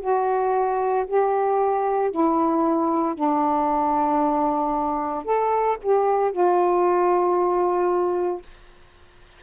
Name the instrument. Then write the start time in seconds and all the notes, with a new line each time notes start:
saxophone
0.00 F#4
1.07 G4
2.11 E4
3.14 D4
5.24 A4
5.82 G4
6.32 F4